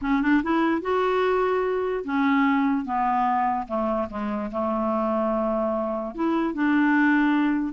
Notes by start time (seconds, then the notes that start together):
0.01 C#4
0.22 D4
0.43 E4
0.81 F#4
2.04 C#4
2.85 B3
3.67 A3
4.10 G#3
4.51 A3
6.14 E4
6.53 D4